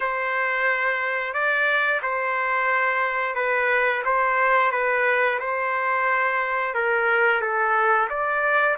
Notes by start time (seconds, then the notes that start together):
0.00 C5
1.33 D5
2.02 C5
3.35 B4
4.04 C5
4.71 B4
5.39 C5
6.74 A#4
7.41 A4
8.09 D5